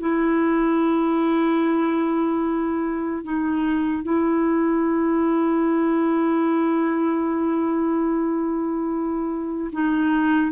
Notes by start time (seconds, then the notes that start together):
0.00 E4
3.24 D#4
4.04 E4
9.73 D#4